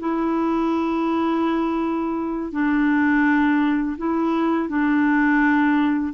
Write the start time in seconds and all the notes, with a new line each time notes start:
0.00 E4
2.52 D4
3.98 E4
4.69 D4